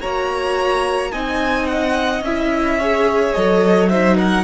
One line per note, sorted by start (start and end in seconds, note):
0.00 1.13 A#3
0.00 1.11 F#4
0.00 1.11 C#5
0.00 1.12 A#5
1.11 2.21 C4
1.11 2.22 D#4
1.11 2.78 D#5
1.11 1.67 G#5
1.67 2.22 F#5
2.21 3.32 C#4
2.21 2.80 E4
2.21 3.33 E5
2.78 3.35 G#4
2.78 3.89 C#5
3.33 4.44 F#3
3.33 3.91 A4
3.33 3.88 D#5
3.89 4.44 D#4
3.89 4.16 C5
3.89 4.16 E5
4.16 4.44 A#4
4.16 4.44 F#5